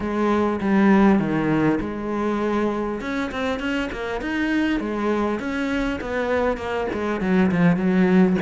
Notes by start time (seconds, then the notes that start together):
0.00 G#3
0.61 G3
1.19 D#3
1.80 G#3
3.00 C#4
3.31 C4
3.59 C#4
3.92 A#3
4.21 D#4
4.80 G#3
5.39 C#4
6.00 B3
6.57 A#3
6.93 G#3
7.20 F#3
7.51 F3
7.76 F#3